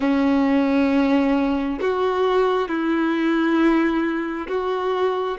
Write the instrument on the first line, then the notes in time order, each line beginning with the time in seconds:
violin
0.00 C#4
1.80 F#4
2.68 E4
4.48 F#4